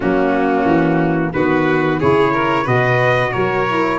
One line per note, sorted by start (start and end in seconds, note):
0.00 0.65 F#3
0.00 1.33 A#3
0.00 1.32 C#4
0.00 1.32 F#4
0.65 1.32 E3
1.32 2.01 D#3
1.32 2.01 B3
1.32 1.99 F#4
1.32 1.99 B4
1.99 2.66 C#3
1.99 2.64 E4
1.99 2.33 G#4
1.99 2.67 C#5
2.33 2.63 A#4
2.63 3.33 B2
2.63 3.64 F#4
2.63 3.30 B4
2.63 3.32 D#5
3.32 3.99 F#3
3.32 3.99 A#4
3.32 3.99 C#5
3.67 3.99 E4